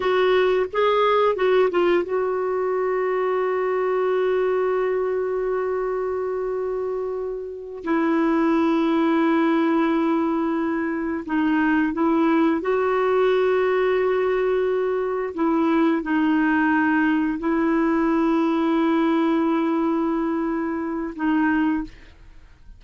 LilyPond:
\new Staff \with { instrumentName = "clarinet" } { \time 4/4 \tempo 4 = 88 fis'4 gis'4 fis'8 f'8 fis'4~ | fis'1~ | fis'2.~ fis'8 e'8~ | e'1~ |
e'8 dis'4 e'4 fis'4.~ | fis'2~ fis'8 e'4 dis'8~ | dis'4. e'2~ e'8~ | e'2. dis'4 | }